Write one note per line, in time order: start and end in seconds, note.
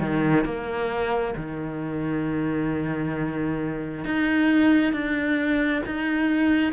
0.00 0.45 D#3
0.45 1.35 A#3
1.36 4.05 D#3
4.05 4.93 D#4
4.93 5.82 D4
5.86 6.72 D#4